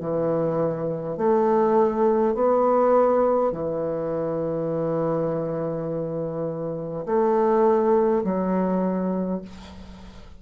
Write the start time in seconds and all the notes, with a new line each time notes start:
0.00 E3
1.18 A3
2.35 B3
3.52 E3
7.06 A3
8.24 F#3